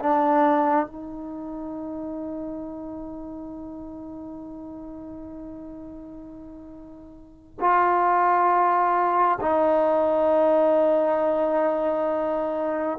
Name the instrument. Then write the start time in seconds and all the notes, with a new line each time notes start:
trombone
0.00 D4
0.87 D#4
7.60 F4
9.41 D#4